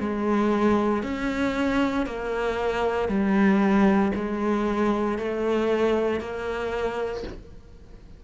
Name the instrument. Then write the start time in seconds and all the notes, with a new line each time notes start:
cello
0.00 G#3
1.03 C#4
2.06 A#3
3.09 G3
4.16 G#3
5.19 A3
6.21 A#3